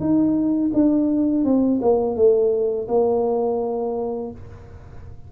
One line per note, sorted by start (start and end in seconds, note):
0.00 0.71 D#4
0.73 1.44 D4
1.44 1.80 C4
1.82 2.16 A#3
2.16 2.87 A3
2.88 4.31 A#3